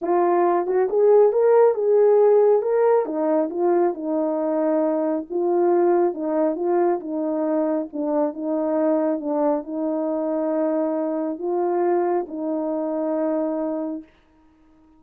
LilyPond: \new Staff \with { instrumentName = "horn" } { \time 4/4 \tempo 4 = 137 f'4. fis'8 gis'4 ais'4 | gis'2 ais'4 dis'4 | f'4 dis'2. | f'2 dis'4 f'4 |
dis'2 d'4 dis'4~ | dis'4 d'4 dis'2~ | dis'2 f'2 | dis'1 | }